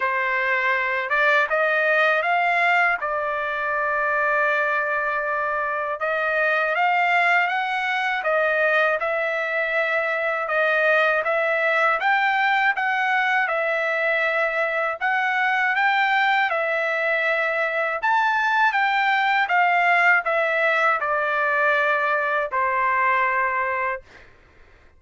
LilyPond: \new Staff \with { instrumentName = "trumpet" } { \time 4/4 \tempo 4 = 80 c''4. d''8 dis''4 f''4 | d''1 | dis''4 f''4 fis''4 dis''4 | e''2 dis''4 e''4 |
g''4 fis''4 e''2 | fis''4 g''4 e''2 | a''4 g''4 f''4 e''4 | d''2 c''2 | }